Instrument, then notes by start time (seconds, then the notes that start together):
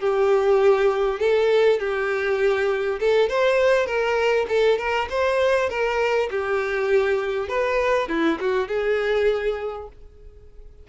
violin
0.00 G4
1.20 A4
1.80 G4
3.00 A4
3.29 C5
3.87 A#4
4.49 A4
4.78 A#4
5.10 C5
5.70 A#4
6.31 G4
7.49 B4
8.09 E4
8.40 F#4
8.68 G#4